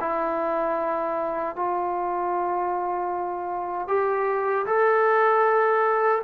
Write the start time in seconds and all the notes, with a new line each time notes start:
0.00 E4
1.55 F4
3.87 G4
4.66 A4